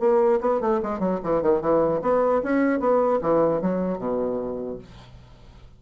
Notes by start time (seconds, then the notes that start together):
0.00 A#3
0.41 B3
0.61 A3
0.83 G#3
1.00 F#3
1.24 E3
1.42 D#3
1.61 E3
2.02 B3
2.43 C#4
2.80 B3
3.22 E3
3.62 F#3
3.99 B2